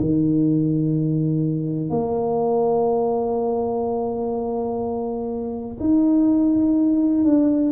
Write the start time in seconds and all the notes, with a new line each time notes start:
0.00 D#3
1.90 A#3
5.80 D#4
7.24 D4